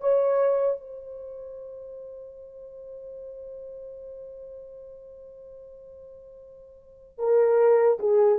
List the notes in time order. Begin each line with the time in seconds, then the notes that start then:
0.00 C#5
0.80 C5
7.18 A#4
7.99 G#4